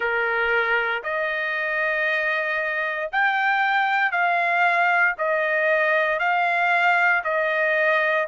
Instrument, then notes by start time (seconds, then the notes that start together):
trumpet
0.00 A#4
1.03 D#5
3.12 G5
4.11 F5
5.18 D#5
6.19 F5
7.24 D#5